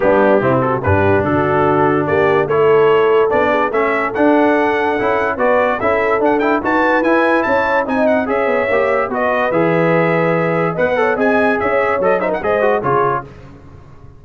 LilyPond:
<<
  \new Staff \with { instrumentName = "trumpet" } { \time 4/4 \tempo 4 = 145 g'4. a'8 b'4 a'4~ | a'4 d''4 cis''2 | d''4 e''4 fis''2~ | fis''4 d''4 e''4 fis''8 g''8 |
a''4 gis''4 a''4 gis''8 fis''8 | e''2 dis''4 e''4~ | e''2 fis''4 gis''4 | e''4 dis''8 e''16 fis''16 dis''4 cis''4 | }
  \new Staff \with { instrumentName = "horn" } { \time 4/4 d'4 e'8 fis'8 g'4 fis'4~ | fis'4 g'4 a'2~ | a'8 gis'8 a'2.~ | a'4 b'4 a'2 |
b'2 cis''4 dis''4 | cis''2 b'2~ | b'2 dis''8 cis''8 dis''4 | cis''4. c''16 ais'16 c''4 gis'4 | }
  \new Staff \with { instrumentName = "trombone" } { \time 4/4 b4 c'4 d'2~ | d'2 e'2 | d'4 cis'4 d'2 | e'4 fis'4 e'4 d'8 e'8 |
fis'4 e'2 dis'4 | gis'4 g'4 fis'4 gis'4~ | gis'2 b'8 a'8 gis'4~ | gis'4 a'8 dis'8 gis'8 fis'8 f'4 | }
  \new Staff \with { instrumentName = "tuba" } { \time 4/4 g4 c4 g,4 d4~ | d4 ais4 a2 | b4 a4 d'2 | cis'4 b4 cis'4 d'4 |
dis'4 e'4 cis'4 c'4 | cis'8 b8 ais4 b4 e4~ | e2 b4 c'4 | cis'4 fis4 gis4 cis4 | }
>>